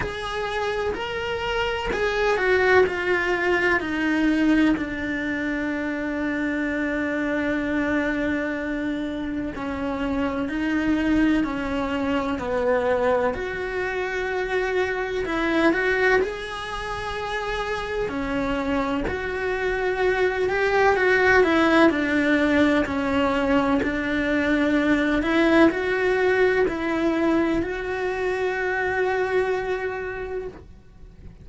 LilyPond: \new Staff \with { instrumentName = "cello" } { \time 4/4 \tempo 4 = 63 gis'4 ais'4 gis'8 fis'8 f'4 | dis'4 d'2.~ | d'2 cis'4 dis'4 | cis'4 b4 fis'2 |
e'8 fis'8 gis'2 cis'4 | fis'4. g'8 fis'8 e'8 d'4 | cis'4 d'4. e'8 fis'4 | e'4 fis'2. | }